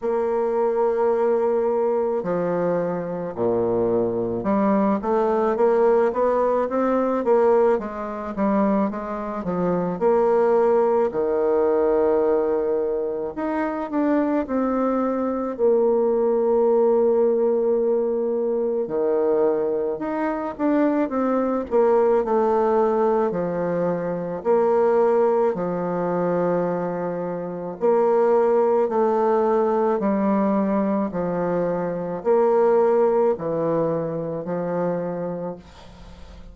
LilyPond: \new Staff \with { instrumentName = "bassoon" } { \time 4/4 \tempo 4 = 54 ais2 f4 ais,4 | g8 a8 ais8 b8 c'8 ais8 gis8 g8 | gis8 f8 ais4 dis2 | dis'8 d'8 c'4 ais2~ |
ais4 dis4 dis'8 d'8 c'8 ais8 | a4 f4 ais4 f4~ | f4 ais4 a4 g4 | f4 ais4 e4 f4 | }